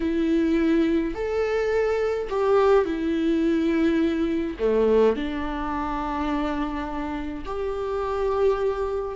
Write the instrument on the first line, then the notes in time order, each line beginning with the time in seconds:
viola
0.00 E4
1.14 A4
2.29 G4
2.85 E4
4.59 A3
5.16 D4
7.45 G4